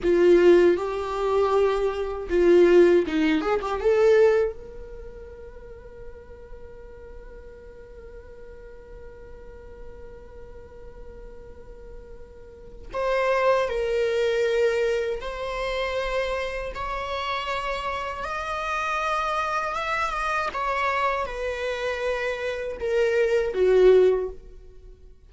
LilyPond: \new Staff \with { instrumentName = "viola" } { \time 4/4 \tempo 4 = 79 f'4 g'2 f'4 | dis'8 gis'16 g'16 a'4 ais'2~ | ais'1~ | ais'1~ |
ais'4 c''4 ais'2 | c''2 cis''2 | dis''2 e''8 dis''8 cis''4 | b'2 ais'4 fis'4 | }